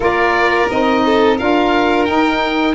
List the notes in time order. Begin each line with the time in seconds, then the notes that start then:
0.00 A#3 F4 A#4 D5
0.70 C4 D#4 D#5
1.05 A4
1.37 D4 F4 A#4 F5
2.05 D#4 G5